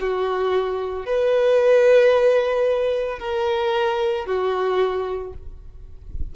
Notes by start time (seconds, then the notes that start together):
0.00 F#4
1.06 B4
3.19 A#4
4.26 F#4